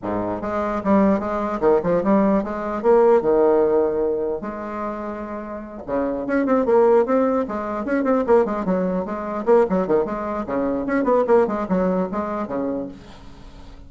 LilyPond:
\new Staff \with { instrumentName = "bassoon" } { \time 4/4 \tempo 4 = 149 gis,4 gis4 g4 gis4 | dis8 f8 g4 gis4 ais4 | dis2. gis4~ | gis2~ gis8 cis4 cis'8 |
c'8 ais4 c'4 gis4 cis'8 | c'8 ais8 gis8 fis4 gis4 ais8 | fis8 dis8 gis4 cis4 cis'8 b8 | ais8 gis8 fis4 gis4 cis4 | }